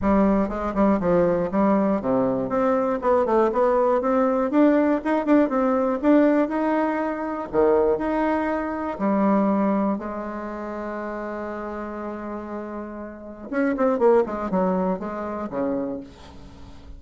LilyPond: \new Staff \with { instrumentName = "bassoon" } { \time 4/4 \tempo 4 = 120 g4 gis8 g8 f4 g4 | c4 c'4 b8 a8 b4 | c'4 d'4 dis'8 d'8 c'4 | d'4 dis'2 dis4 |
dis'2 g2 | gis1~ | gis2. cis'8 c'8 | ais8 gis8 fis4 gis4 cis4 | }